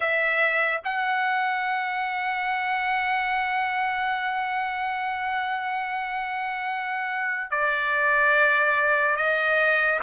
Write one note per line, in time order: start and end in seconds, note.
0.00 0.81 E5
0.84 7.50 F#5
7.50 9.16 D5
9.16 9.99 D#5